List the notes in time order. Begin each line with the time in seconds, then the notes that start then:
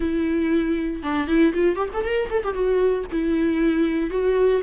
0.00 E4
1.02 D4
1.27 E4
1.54 F4
1.76 G4
1.93 A4
2.04 A#4
2.30 A4
2.43 G4
2.53 F#4
3.11 E4
4.10 F#4